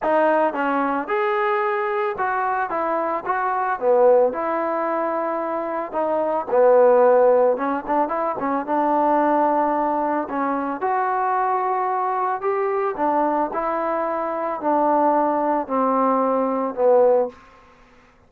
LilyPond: \new Staff \with { instrumentName = "trombone" } { \time 4/4 \tempo 4 = 111 dis'4 cis'4 gis'2 | fis'4 e'4 fis'4 b4 | e'2. dis'4 | b2 cis'8 d'8 e'8 cis'8 |
d'2. cis'4 | fis'2. g'4 | d'4 e'2 d'4~ | d'4 c'2 b4 | }